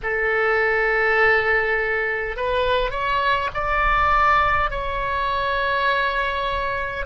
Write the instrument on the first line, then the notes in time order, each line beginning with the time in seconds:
oboe
0.02 A4
2.36 B4
2.90 C#5
3.53 D5
4.70 C#5